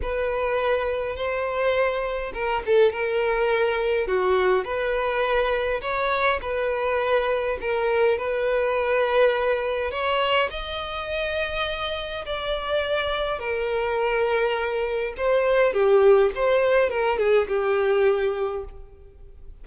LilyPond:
\new Staff \with { instrumentName = "violin" } { \time 4/4 \tempo 4 = 103 b'2 c''2 | ais'8 a'8 ais'2 fis'4 | b'2 cis''4 b'4~ | b'4 ais'4 b'2~ |
b'4 cis''4 dis''2~ | dis''4 d''2 ais'4~ | ais'2 c''4 g'4 | c''4 ais'8 gis'8 g'2 | }